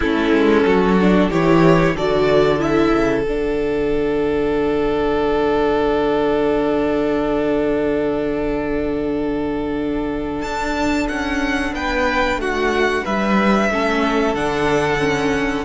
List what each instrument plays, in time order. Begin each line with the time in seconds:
0.00 cello A3, viola C#4, violin E4 A4
0.31 cello G#3
0.64 cello F#3, violin F#4
1.00 viola D4
1.29 cello E3, viola E4, violin G4 C#5
1.95 cello D3, viola F#4, violin A4 D5
2.59 viola E4, violin E5
2.92 cello C#3
3.24 cello D3, viola D4, violin F#5
10.41 cello D4, violin A5
11.08 cello C#4, violin F#5
11.73 cello B3, violin B4 G5
12.36 cello A3, violin F#4 F#5
13.04 cello G3, violin B4 E5
13.69 cello A3, viola C#4, violin A4
14.34 cello D3, viola D4, violin F#5
14.99 viola C#4